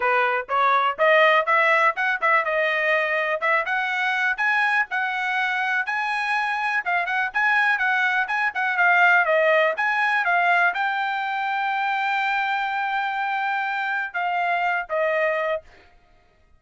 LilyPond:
\new Staff \with { instrumentName = "trumpet" } { \time 4/4 \tempo 4 = 123 b'4 cis''4 dis''4 e''4 | fis''8 e''8 dis''2 e''8 fis''8~ | fis''4 gis''4 fis''2 | gis''2 f''8 fis''8 gis''4 |
fis''4 gis''8 fis''8 f''4 dis''4 | gis''4 f''4 g''2~ | g''1~ | g''4 f''4. dis''4. | }